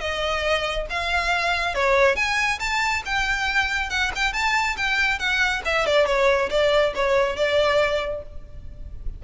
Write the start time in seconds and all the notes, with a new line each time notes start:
0.00 D#5
0.89 F5
1.74 C#5
2.15 G#5
2.59 A5
3.05 G5
3.89 F#5
4.15 G5
4.32 A5
4.77 G5
5.18 F#5
5.65 E5
5.86 D5
6.06 C#5
6.50 D5
6.94 C#5
7.36 D5